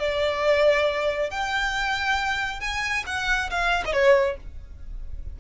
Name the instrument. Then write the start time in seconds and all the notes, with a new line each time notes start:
violin
0.00 D5
1.31 G5
2.61 G#5
3.07 F#5
3.51 F5
3.86 D#5
3.93 C#5